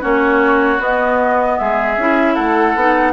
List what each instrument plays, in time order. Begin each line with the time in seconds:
0.00 bassoon A#3, clarinet C#4, oboe F#4, flute C#5
0.79 bassoon B3, clarinet B3, flute D#5
1.57 bassoon G#3, oboe G#4, flute E5
1.97 bassoon C#4, clarinet E4
2.34 bassoon A3, oboe A4, flute F#5
2.75 bassoon B3, clarinet D#4